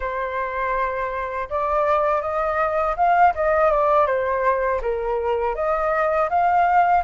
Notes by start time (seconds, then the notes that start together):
0.00 C5
1.49 D5
2.21 D#5
2.96 F5
3.35 D#5
3.71 D5
4.06 C5
4.81 A#4
5.55 D#5
6.29 F5